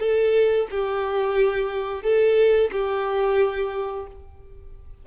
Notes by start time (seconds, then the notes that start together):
0.00 A4
0.70 G4
2.03 A4
2.72 G4